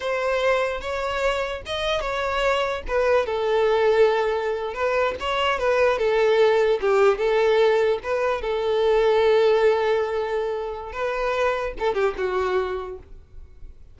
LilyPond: \new Staff \with { instrumentName = "violin" } { \time 4/4 \tempo 4 = 148 c''2 cis''2 | dis''4 cis''2 b'4 | a'2.~ a'8. b'16~ | b'8. cis''4 b'4 a'4~ a'16~ |
a'8. g'4 a'2 b'16~ | b'8. a'2.~ a'16~ | a'2. b'4~ | b'4 a'8 g'8 fis'2 | }